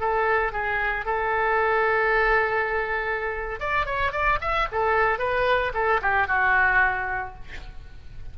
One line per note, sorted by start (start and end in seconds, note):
0.00 0.52 A4
0.52 1.05 G#4
1.05 3.60 A4
3.60 3.86 D5
3.86 4.12 C#5
4.12 4.38 D5
4.41 4.68 E5
4.72 5.18 A4
5.18 5.72 B4
5.74 6.00 A4
6.02 6.28 G4
6.28 7.35 F#4